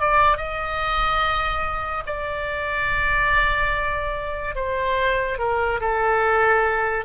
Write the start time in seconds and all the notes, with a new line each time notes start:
0.00 D5
0.37 D#5
2.06 D5
4.55 C5
5.38 A#4
5.80 A4